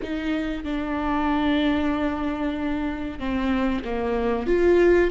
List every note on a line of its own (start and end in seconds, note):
0.02 0.64 D#4
0.64 3.19 D4
3.19 3.83 C4
3.84 4.47 A#3
4.47 5.10 F4